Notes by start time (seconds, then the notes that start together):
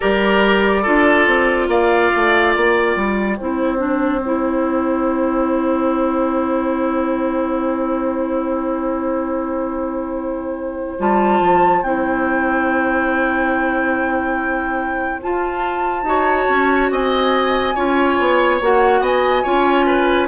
0.00 G3 G4 A#4 D5
0.82 D4 F4 A4
1.27 C4
1.68 A#3 D5 F5
2.15 A3
2.53 A#3 G5
2.96 G3
3.37 C4 E4 C5
3.77 D4
4.25 E4
10.99 G3 F4 A5
11.40 F3
11.82 C4 E4 G5
15.21 F4 A5
16.03 D#4 F#4 C#5
16.49 C#4
16.90 C4 D#5 G#5
17.74 C#4 F4 C#5
18.19 B3
18.60 A#3 F#4 F#5
19.00 B3 D#5 G#5
19.43 C#4 F4 C#5
19.86 B4